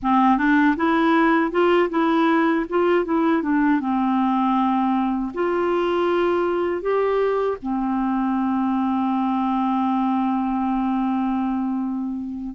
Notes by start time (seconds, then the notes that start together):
0.02 C4
0.37 D4
0.76 E4
1.51 F4
1.89 E4
2.69 F4
3.04 E4
3.42 D4
3.80 C4
5.34 F4
6.81 G4
7.62 C4